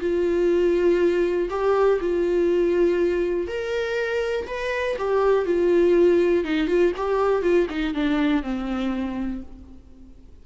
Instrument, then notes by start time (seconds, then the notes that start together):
viola
0.00 F4
1.49 G4
2.00 F4
3.47 A#4
4.47 B4
4.98 G4
5.45 F4
6.44 D#4
6.67 F4
6.96 G4
7.42 F4
7.69 D#4
7.94 D4
8.43 C4